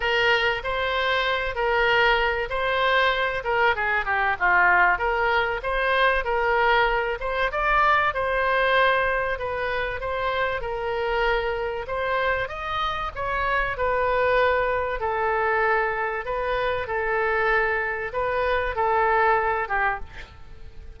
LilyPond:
\new Staff \with { instrumentName = "oboe" } { \time 4/4 \tempo 4 = 96 ais'4 c''4. ais'4. | c''4. ais'8 gis'8 g'8 f'4 | ais'4 c''4 ais'4. c''8 | d''4 c''2 b'4 |
c''4 ais'2 c''4 | dis''4 cis''4 b'2 | a'2 b'4 a'4~ | a'4 b'4 a'4. g'8 | }